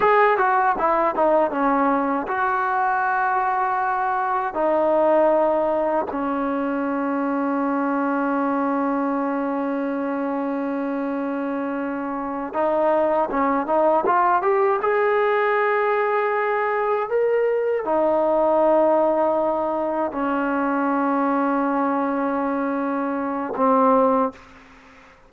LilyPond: \new Staff \with { instrumentName = "trombone" } { \time 4/4 \tempo 4 = 79 gis'8 fis'8 e'8 dis'8 cis'4 fis'4~ | fis'2 dis'2 | cis'1~ | cis'1~ |
cis'8 dis'4 cis'8 dis'8 f'8 g'8 gis'8~ | gis'2~ gis'8 ais'4 dis'8~ | dis'2~ dis'8 cis'4.~ | cis'2. c'4 | }